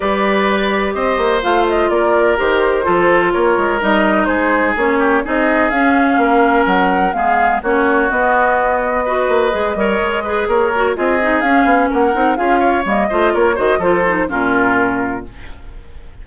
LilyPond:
<<
  \new Staff \with { instrumentName = "flute" } { \time 4/4 \tempo 4 = 126 d''2 dis''4 f''8 dis''8 | d''4 c''2 cis''4 | dis''4 c''4 cis''4 dis''4 | f''2 fis''4 f''4 |
cis''4 dis''2.~ | dis''2 cis''4 dis''4 | f''4 fis''4 f''4 dis''4 | cis''8 dis''8 c''4 ais'2 | }
  \new Staff \with { instrumentName = "oboe" } { \time 4/4 b'2 c''2 | ais'2 a'4 ais'4~ | ais'4 gis'4. g'8 gis'4~ | gis'4 ais'2 gis'4 |
fis'2. b'4~ | b'8 cis''4 b'8 ais'4 gis'4~ | gis'4 ais'4 gis'8 cis''4 c''8 | ais'8 c''8 a'4 f'2 | }
  \new Staff \with { instrumentName = "clarinet" } { \time 4/4 g'2. f'4~ | f'4 g'4 f'2 | dis'2 cis'4 dis'4 | cis'2. b4 |
cis'4 b2 fis'4 | gis'8 ais'4 gis'4 fis'8 f'8 dis'8 | cis'4. dis'8 f'4 ais8 f'8~ | f'8 fis'8 f'8 dis'8 cis'2 | }
  \new Staff \with { instrumentName = "bassoon" } { \time 4/4 g2 c'8 ais8 a4 | ais4 dis4 f4 ais8 gis8 | g4 gis4 ais4 c'4 | cis'4 ais4 fis4 gis4 |
ais4 b2~ b8 ais8 | gis8 g8 gis4 ais4 c'4 | cis'8 b8 ais8 c'8 cis'4 g8 a8 | ais8 dis8 f4 ais,2 | }
>>